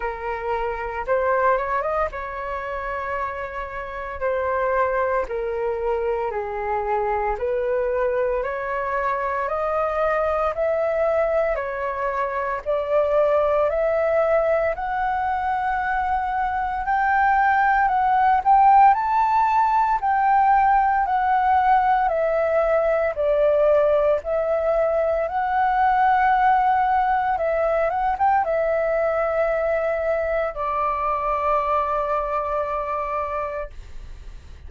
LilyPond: \new Staff \with { instrumentName = "flute" } { \time 4/4 \tempo 4 = 57 ais'4 c''8 cis''16 dis''16 cis''2 | c''4 ais'4 gis'4 b'4 | cis''4 dis''4 e''4 cis''4 | d''4 e''4 fis''2 |
g''4 fis''8 g''8 a''4 g''4 | fis''4 e''4 d''4 e''4 | fis''2 e''8 fis''16 g''16 e''4~ | e''4 d''2. | }